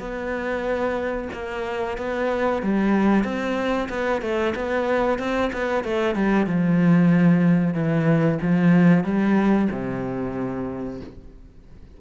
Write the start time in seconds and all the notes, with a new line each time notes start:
0.00 B3
1.33 A#3
1.98 B3
2.63 G3
3.24 C4
3.90 B3
4.22 A3
4.56 B3
5.19 C4
5.53 B3
5.84 A3
6.16 G3
6.47 F3
7.74 E3
8.42 F3
9.04 G3
9.72 C3